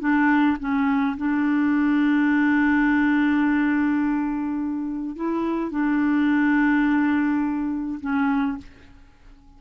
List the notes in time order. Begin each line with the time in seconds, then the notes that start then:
0.00 D4
0.59 C#4
1.17 D4
5.16 E4
5.71 D4
8.00 C#4